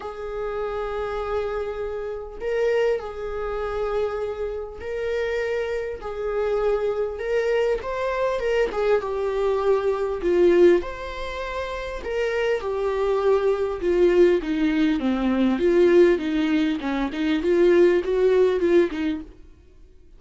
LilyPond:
\new Staff \with { instrumentName = "viola" } { \time 4/4 \tempo 4 = 100 gis'1 | ais'4 gis'2. | ais'2 gis'2 | ais'4 c''4 ais'8 gis'8 g'4~ |
g'4 f'4 c''2 | ais'4 g'2 f'4 | dis'4 c'4 f'4 dis'4 | cis'8 dis'8 f'4 fis'4 f'8 dis'8 | }